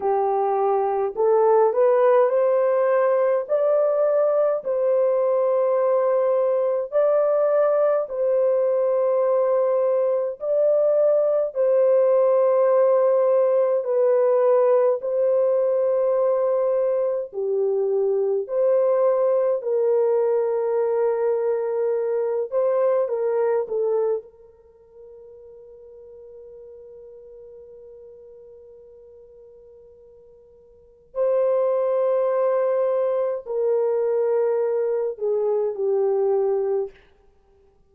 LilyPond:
\new Staff \with { instrumentName = "horn" } { \time 4/4 \tempo 4 = 52 g'4 a'8 b'8 c''4 d''4 | c''2 d''4 c''4~ | c''4 d''4 c''2 | b'4 c''2 g'4 |
c''4 ais'2~ ais'8 c''8 | ais'8 a'8 ais'2.~ | ais'2. c''4~ | c''4 ais'4. gis'8 g'4 | }